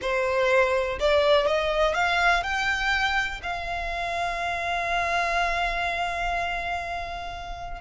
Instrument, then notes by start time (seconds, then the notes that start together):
violin
0.01 C5
0.99 D5
1.47 D#5
1.94 F5
2.43 G5
3.42 F5